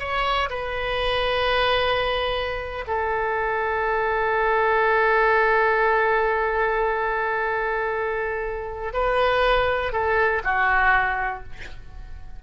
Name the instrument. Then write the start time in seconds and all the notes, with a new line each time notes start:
oboe
0.00 C#5
0.50 B4
2.87 A4
8.94 B4
9.93 A4
10.45 F#4